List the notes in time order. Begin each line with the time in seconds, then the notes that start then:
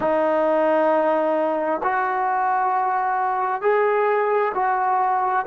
0.00 D#4
1.83 F#4
3.61 G#4
4.54 F#4